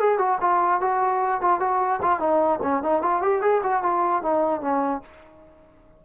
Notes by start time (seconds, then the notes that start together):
0.00 G#4
0.19 F#4
0.41 F4
0.81 F#4
1.42 F4
1.60 F#4
2.02 F4
2.20 D#4
2.63 C#4
2.83 D#4
3.02 F4
3.23 G4
3.42 G#4
3.64 F#4
3.83 F4
4.23 D#4
4.62 C#4